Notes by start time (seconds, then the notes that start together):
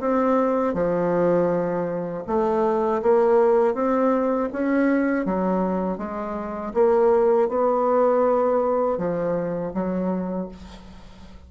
0.00 C4
0.74 F3
2.27 A3
3.02 A#3
3.74 C4
4.53 C#4
5.26 F#3
5.98 G#3
6.74 A#3
7.49 B3
8.98 F3
9.74 F#3